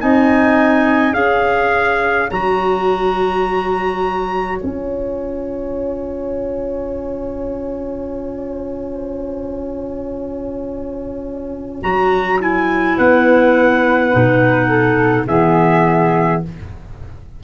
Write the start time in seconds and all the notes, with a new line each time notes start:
0.00 C4 D#4 D#5 G#5
1.13 C#4 G#4 C#5 F5
2.31 F#3 F#4 A#5
4.59 C#4 F4 G#5
11.81 F#3 F#4 A#5
12.40 E4 G#5
12.98 B3 B4 F#5
14.12 B2 D#4
14.68 A4
15.27 E3 B3 G#4 E5